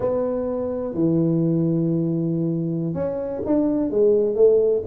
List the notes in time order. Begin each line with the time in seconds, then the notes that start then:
0.00 B3
0.94 E3
2.93 C#4
3.45 D4
3.90 G#3
4.35 A3